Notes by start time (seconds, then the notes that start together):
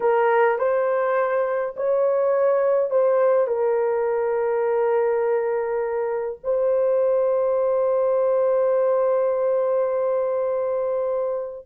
0.00 A#4
0.58 C5
1.76 C#5
2.90 C5
3.47 A#4
6.43 C5